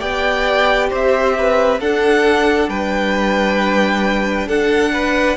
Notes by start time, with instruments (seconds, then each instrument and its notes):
0.00 cello B3, viola G4, violin D5 G5
0.90 cello C4, violin C5 E5
1.38 violin B4
1.81 cello D4, viola D4, violin A4 F#5
2.69 cello G3, violin B4 G5
4.48 cello D4, violin A4 F#5
4.93 violin B4